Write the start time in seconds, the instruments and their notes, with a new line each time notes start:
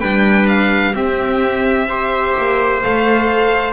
0.00 double bass G3, viola D4, trumpet B4, violin G5
0.48 violin F5
0.94 viola C4, double bass C4, trumpet G4, violin E5
1.89 viola G4, trumpet C5
2.38 double bass A#3
2.84 double bass A3, viola A4, violin F5